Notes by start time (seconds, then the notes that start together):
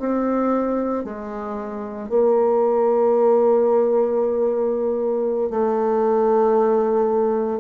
0.00 C4
1.04 G#3
2.10 A#3
5.50 A3